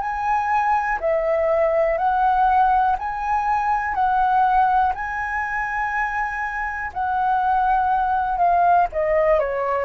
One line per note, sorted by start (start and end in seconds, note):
0.00 0.98 G#5
1.00 1.98 E5
1.98 2.96 F#5
2.98 3.94 G#5
3.94 4.93 F#5
4.94 6.91 G#5
6.93 8.37 F#5
8.37 8.87 F5
8.92 9.39 D#5
9.39 9.85 C#5